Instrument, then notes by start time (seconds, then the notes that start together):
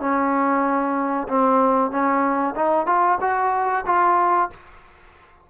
trombone
0.00 C#4
1.29 C4
1.91 C#4
2.56 D#4
2.86 F4
3.21 F#4
3.86 F4